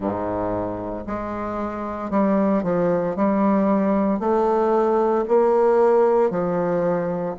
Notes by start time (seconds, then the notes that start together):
0.00 G#2
1.06 G#3
2.10 G3
2.63 F3
3.16 G3
4.19 A3
5.27 A#3
6.30 F3